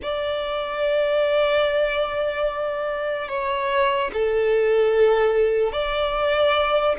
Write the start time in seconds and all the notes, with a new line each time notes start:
0.02 D5
3.28 C#5
4.13 A4
5.72 D5